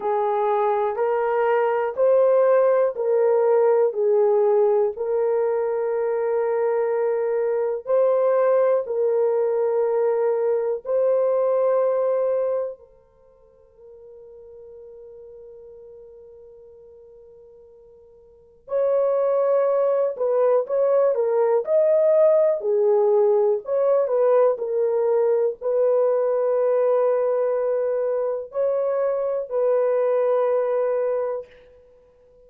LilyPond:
\new Staff \with { instrumentName = "horn" } { \time 4/4 \tempo 4 = 61 gis'4 ais'4 c''4 ais'4 | gis'4 ais'2. | c''4 ais'2 c''4~ | c''4 ais'2.~ |
ais'2. cis''4~ | cis''8 b'8 cis''8 ais'8 dis''4 gis'4 | cis''8 b'8 ais'4 b'2~ | b'4 cis''4 b'2 | }